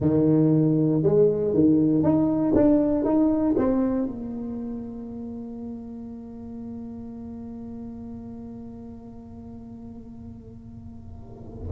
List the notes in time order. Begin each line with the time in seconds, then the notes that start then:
0.00 D#3
1.02 G#3
1.53 D#3
2.03 D#4
2.55 D4
3.04 D#4
3.57 C4
4.06 A#3